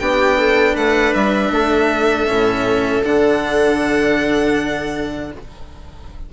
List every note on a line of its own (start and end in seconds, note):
0.00 0.76 B3
0.00 2.28 D4
0.00 0.39 G4
0.00 0.76 G5
0.39 0.75 A4
0.75 1.14 A3
0.75 1.51 B4
0.75 1.14 F#5
1.14 1.51 G3
1.14 3.04 E5
1.51 2.27 A3
1.51 5.32 A4
2.28 3.04 A2
2.28 3.04 C#4
3.04 5.32 D3
3.04 5.32 D4
3.04 5.33 F#5